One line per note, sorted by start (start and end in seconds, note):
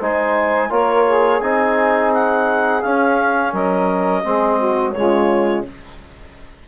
0.00 0.71 G#3
0.00 0.70 D#4
0.00 0.69 C5
0.00 0.72 G#5
0.69 1.41 A#3
0.69 1.40 F4
0.69 1.04 A#4
0.69 1.41 C#5
1.06 3.52 G#4
1.41 2.83 C4
1.41 2.83 D#4
1.41 2.12 G#5
2.14 2.82 F#5
2.82 4.24 C#4
2.82 3.53 C#4
2.82 3.52 F5
3.52 4.24 F#3
3.52 4.23 A#4
3.52 4.92 D#5
4.24 4.95 G#3
4.24 4.94 C4
4.24 4.59 G#4
4.59 4.94 F#4
4.92 5.68 C#3
4.92 5.66 G#3
4.92 5.67 F4
4.92 5.62 C#5